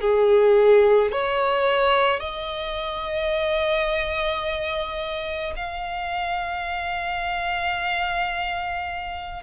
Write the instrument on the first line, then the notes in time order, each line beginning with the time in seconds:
violin
0.00 G#4
1.12 C#5
2.20 D#5
5.56 F5